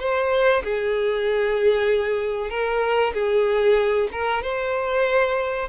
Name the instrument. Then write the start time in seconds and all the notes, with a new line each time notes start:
violin
0.00 C5
0.64 G#4
2.51 A#4
3.14 G#4
4.13 A#4
4.43 C5